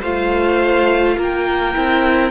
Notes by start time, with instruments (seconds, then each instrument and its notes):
0.00 cello A3, viola F4, violin C5 F5
1.18 cello A#3, violin A#4 G5
1.74 cello C4, viola E4